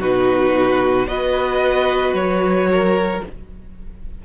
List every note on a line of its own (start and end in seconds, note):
0.00 1.07 B2
0.00 1.06 D#4
0.00 1.07 F#4
0.00 1.07 B4
1.06 2.13 B3
1.06 3.21 F#4
1.06 2.69 B4
1.06 2.15 D#5
2.13 3.21 F#3
2.13 3.22 C#5
2.72 3.25 A#4